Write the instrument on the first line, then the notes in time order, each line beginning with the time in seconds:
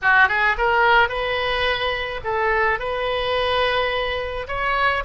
oboe
0.02 F#4
0.28 G#4
0.57 A#4
1.08 B4
2.24 A4
2.79 B4
4.47 C#5